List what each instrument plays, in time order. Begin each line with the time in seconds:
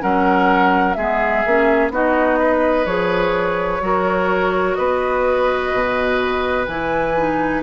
0.00 bassoon F#3, clarinet C#4, oboe A#4, flute F#5
0.94 bassoon G#3, clarinet B3, oboe G#4, flute E5
1.45 bassoon A#3, clarinet C#4
1.90 bassoon B3, clarinet D#4, oboe F#4, flute D#5
2.39 oboe B4
2.86 bassoon F3, clarinet G#4, flute C#5
3.80 bassoon F#3, clarinet F#4, oboe A#4
4.75 bassoon B3, oboe B4, flute D#5
5.73 bassoon B2
6.66 bassoon E3, clarinet E4, flute G#5
7.17 clarinet D#4